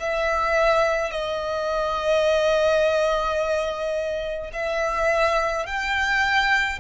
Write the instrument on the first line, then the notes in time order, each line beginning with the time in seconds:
violin
0.00 E5
1.11 D#5
4.53 E5
5.66 G5